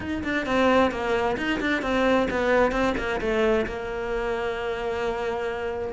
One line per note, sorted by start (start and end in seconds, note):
0.00 0.23 D#4
0.23 0.45 D4
0.45 0.91 C4
0.91 1.36 A#3
1.37 1.60 D#4
1.60 1.82 D4
1.82 2.27 C4
2.30 2.71 B3
2.71 2.94 C4
2.97 3.20 A#3
3.20 3.66 A3
3.66 5.92 A#3